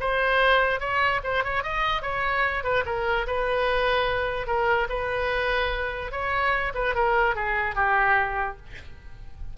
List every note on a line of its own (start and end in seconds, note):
0.00 0.80 C5
0.80 1.21 C#5
1.23 1.44 C5
1.44 1.63 C#5
1.63 2.02 D#5
2.02 2.63 C#5
2.63 2.84 B4
2.86 3.27 A#4
3.27 4.47 B4
4.47 4.88 A#4
4.89 6.11 B4
6.12 6.73 C#5
6.74 6.95 B4
6.95 7.35 A#4
7.35 7.75 G#4
7.75 8.57 G4